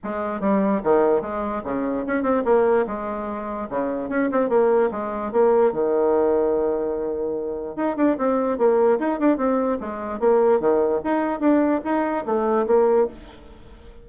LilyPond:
\new Staff \with { instrumentName = "bassoon" } { \time 4/4 \tempo 4 = 147 gis4 g4 dis4 gis4 | cis4 cis'8 c'8 ais4 gis4~ | gis4 cis4 cis'8 c'8 ais4 | gis4 ais4 dis2~ |
dis2. dis'8 d'8 | c'4 ais4 dis'8 d'8 c'4 | gis4 ais4 dis4 dis'4 | d'4 dis'4 a4 ais4 | }